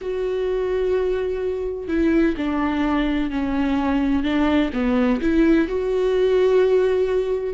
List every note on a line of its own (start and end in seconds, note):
0.01 1.87 F#4
1.87 2.35 E4
2.37 3.30 D4
3.30 4.23 C#4
4.23 4.70 D4
4.73 5.20 B3
5.21 5.67 E4
5.67 7.54 F#4